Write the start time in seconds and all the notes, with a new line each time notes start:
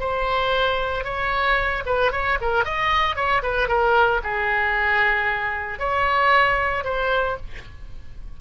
0.00 C5
1.05 C#5
1.86 B4
2.12 C#5
2.41 A#4
2.65 D#5
3.16 C#5
3.43 B4
3.68 A#4
4.23 G#4
5.79 C#5
6.84 C5